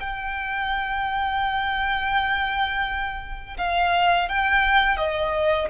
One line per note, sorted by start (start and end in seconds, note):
0.00 3.57 G5
3.57 4.29 F5
4.29 4.97 G5
4.97 5.68 D#5